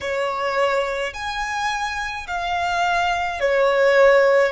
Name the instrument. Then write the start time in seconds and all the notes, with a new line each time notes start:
violin
0.01 C#5
1.13 G#5
2.27 F5
3.40 C#5